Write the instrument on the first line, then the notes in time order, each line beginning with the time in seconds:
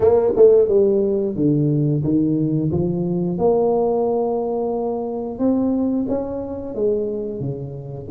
tuba
0.00 A#3
0.36 A3
0.68 G3
1.35 D3
2.03 D#3
2.71 F3
3.38 A#3
5.38 C4
6.08 C#4
6.74 G#3
7.40 C#3